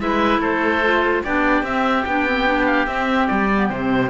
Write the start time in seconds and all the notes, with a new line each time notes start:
0.00 G#3 E4 B4 E5
0.39 A3 A4 C5
0.84 F4
1.24 B3 D4 G4 D5
1.63 C4 E5
2.05 B3 D4 G5
2.27 C4
2.47 D4
2.67 F5
2.87 C4 E5
3.28 G3 D5
3.55 B3
3.70 C3 C4 C5